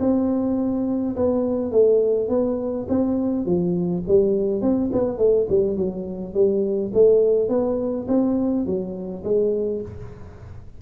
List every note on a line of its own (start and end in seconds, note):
0.00 1.15 C4
1.16 1.72 B3
1.72 2.29 A3
2.29 2.87 B3
2.89 3.46 C4
3.46 4.03 F3
4.08 4.62 G3
4.62 4.90 C4
4.92 5.18 B3
5.18 5.47 A3
5.49 5.77 G3
5.77 6.34 F#3
6.34 6.92 G3
6.94 7.49 A3
7.49 8.07 B3
8.08 8.66 C4
8.66 9.24 F#3
9.24 9.82 G#3